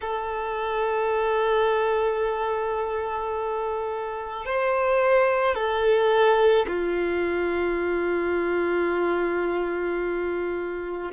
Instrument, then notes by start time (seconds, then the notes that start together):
violin
0.01 A4
4.45 C5
5.55 A4
6.67 F4